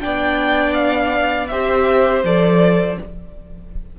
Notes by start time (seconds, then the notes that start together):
0.00 B3 D4 D5 G5
0.73 F5
1.48 C4 G4 C5 E5
2.24 F3 A4 D5